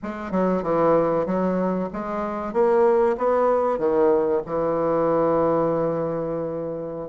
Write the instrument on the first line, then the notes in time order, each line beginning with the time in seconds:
bassoon
0.03 G#3
0.31 F#3
0.62 E3
1.25 F#3
1.92 G#3
2.53 A#3
3.18 B3
3.78 D#3
4.46 E3